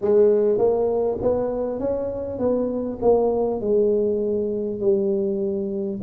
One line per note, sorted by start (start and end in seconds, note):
0.01 0.58 G#3
0.58 1.18 A#3
1.21 1.79 B3
1.79 2.38 C#4
2.38 2.98 B3
3.01 3.60 A#3
3.60 4.80 G#3
4.80 6.00 G3